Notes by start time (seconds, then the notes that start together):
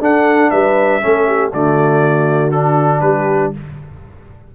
0.00 D4 A4 F#5
0.50 G3 B4 E5
1.01 A3 C#4 A4
1.27 G4
1.53 D3 A3 F#4 D5
2.51 D4 A4
3.01 G3 G4 B4